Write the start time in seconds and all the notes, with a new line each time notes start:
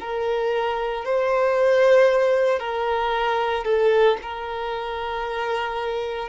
0.00 A#4
1.05 C5
2.59 A#4
3.65 A4
4.22 A#4